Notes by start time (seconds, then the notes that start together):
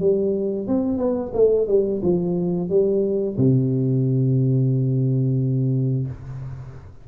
0.00 G3
0.67 C4
0.98 B3
1.34 A3
1.68 G3
2.02 F3
2.69 G3
3.37 C3